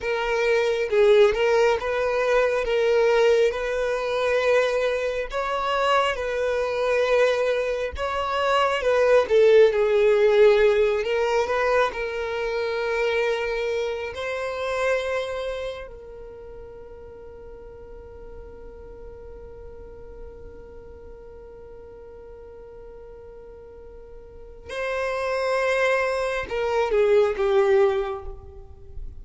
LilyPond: \new Staff \with { instrumentName = "violin" } { \time 4/4 \tempo 4 = 68 ais'4 gis'8 ais'8 b'4 ais'4 | b'2 cis''4 b'4~ | b'4 cis''4 b'8 a'8 gis'4~ | gis'8 ais'8 b'8 ais'2~ ais'8 |
c''2 ais'2~ | ais'1~ | ais'1 | c''2 ais'8 gis'8 g'4 | }